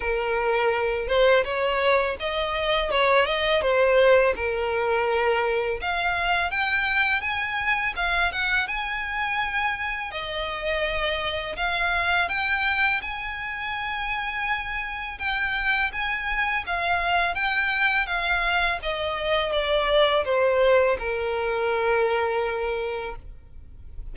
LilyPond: \new Staff \with { instrumentName = "violin" } { \time 4/4 \tempo 4 = 83 ais'4. c''8 cis''4 dis''4 | cis''8 dis''8 c''4 ais'2 | f''4 g''4 gis''4 f''8 fis''8 | gis''2 dis''2 |
f''4 g''4 gis''2~ | gis''4 g''4 gis''4 f''4 | g''4 f''4 dis''4 d''4 | c''4 ais'2. | }